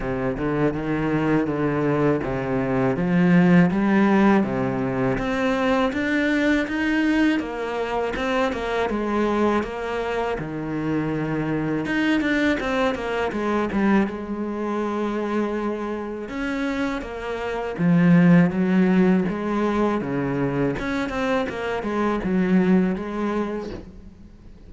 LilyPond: \new Staff \with { instrumentName = "cello" } { \time 4/4 \tempo 4 = 81 c8 d8 dis4 d4 c4 | f4 g4 c4 c'4 | d'4 dis'4 ais4 c'8 ais8 | gis4 ais4 dis2 |
dis'8 d'8 c'8 ais8 gis8 g8 gis4~ | gis2 cis'4 ais4 | f4 fis4 gis4 cis4 | cis'8 c'8 ais8 gis8 fis4 gis4 | }